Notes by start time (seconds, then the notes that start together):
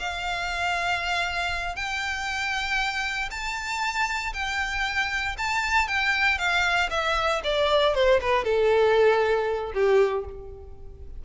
0.00 F5
1.76 G5
3.31 A5
4.34 G5
5.38 A5
5.88 G5
6.39 F5
6.91 E5
7.44 D5
7.95 C5
8.22 B4
8.45 A4
9.74 G4